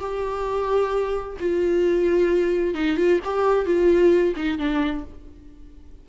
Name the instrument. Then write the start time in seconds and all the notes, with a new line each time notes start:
viola
0.00 G4
1.41 F4
2.75 D#4
2.97 F4
3.25 G4
3.66 F4
4.36 D#4
4.59 D4